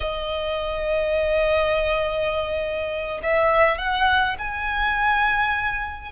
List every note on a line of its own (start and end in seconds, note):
0.00 3.20 D#5
3.23 3.78 E5
3.78 4.36 F#5
4.38 6.11 G#5